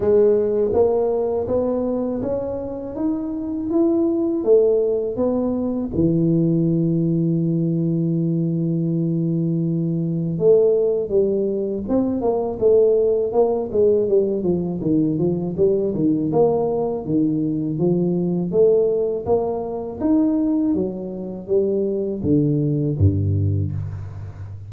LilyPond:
\new Staff \with { instrumentName = "tuba" } { \time 4/4 \tempo 4 = 81 gis4 ais4 b4 cis'4 | dis'4 e'4 a4 b4 | e1~ | e2 a4 g4 |
c'8 ais8 a4 ais8 gis8 g8 f8 | dis8 f8 g8 dis8 ais4 dis4 | f4 a4 ais4 dis'4 | fis4 g4 d4 g,4 | }